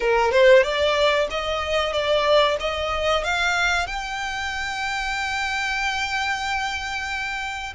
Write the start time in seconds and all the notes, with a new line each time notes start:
0.00 A#4
0.31 C5
0.63 D5
1.30 D#5
1.92 D5
2.60 D#5
3.24 F5
3.86 G5